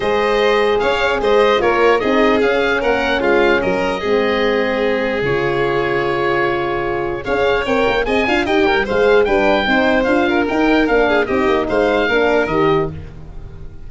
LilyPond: <<
  \new Staff \with { instrumentName = "oboe" } { \time 4/4 \tempo 4 = 149 dis''2 f''4 dis''4 | cis''4 dis''4 f''4 fis''4 | f''4 dis''2.~ | dis''4 cis''2.~ |
cis''2 f''4 g''4 | gis''4 g''4 f''4 g''4~ | g''4 f''4 g''4 f''4 | dis''4 f''2 dis''4 | }
  \new Staff \with { instrumentName = "violin" } { \time 4/4 c''2 cis''4 c''4 | ais'4 gis'2 ais'4 | f'4 ais'4 gis'2~ | gis'1~ |
gis'2 cis''2 | dis''8 f''8 dis''8 ais'8 c''4 b'4 | c''4. ais'2 gis'8 | g'4 c''4 ais'2 | }
  \new Staff \with { instrumentName = "horn" } { \time 4/4 gis'1 | f'4 dis'4 cis'2~ | cis'2 c'2~ | c'4 f'2.~ |
f'2 gis'4 ais'4 | gis'8 f'8 g'4 gis'4 d'4 | dis'4 f'4 dis'4 d'4 | dis'2 d'4 g'4 | }
  \new Staff \with { instrumentName = "tuba" } { \time 4/4 gis2 cis'4 gis4 | ais4 c'4 cis'4 ais4 | gis4 fis4 gis2~ | gis4 cis2.~ |
cis2 cis'4 c'8 ais8 | c'8 d'8 dis'8 g8 gis4 g4 | c'4 d'4 dis'4 ais4 | c'8 ais8 gis4 ais4 dis4 | }
>>